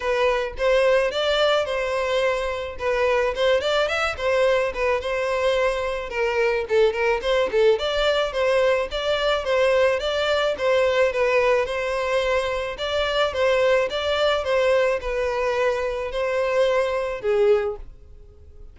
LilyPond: \new Staff \with { instrumentName = "violin" } { \time 4/4 \tempo 4 = 108 b'4 c''4 d''4 c''4~ | c''4 b'4 c''8 d''8 e''8 c''8~ | c''8 b'8 c''2 ais'4 | a'8 ais'8 c''8 a'8 d''4 c''4 |
d''4 c''4 d''4 c''4 | b'4 c''2 d''4 | c''4 d''4 c''4 b'4~ | b'4 c''2 gis'4 | }